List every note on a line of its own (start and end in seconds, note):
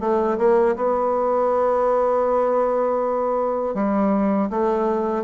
0.00 0.38 A3
0.38 0.75 A#3
0.76 3.74 B3
3.74 4.49 G3
4.50 5.23 A3